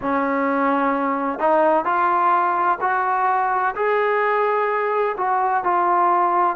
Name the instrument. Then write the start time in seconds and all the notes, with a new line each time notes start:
trombone
0.01 C#4
1.39 D#4
1.85 F4
2.80 F#4
3.75 G#4
5.17 F#4
5.63 F4